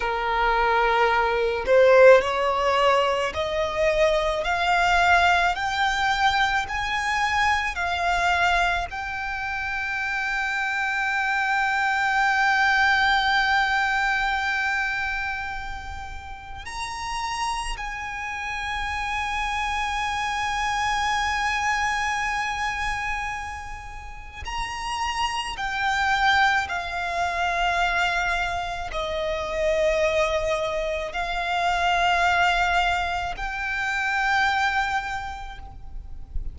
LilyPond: \new Staff \with { instrumentName = "violin" } { \time 4/4 \tempo 4 = 54 ais'4. c''8 cis''4 dis''4 | f''4 g''4 gis''4 f''4 | g''1~ | g''2. ais''4 |
gis''1~ | gis''2 ais''4 g''4 | f''2 dis''2 | f''2 g''2 | }